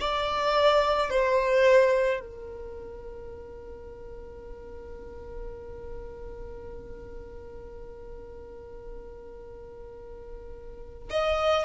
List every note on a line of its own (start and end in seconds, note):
0.00 1.10 D5
1.10 2.20 C5
2.20 11.09 A#4
11.10 11.65 D#5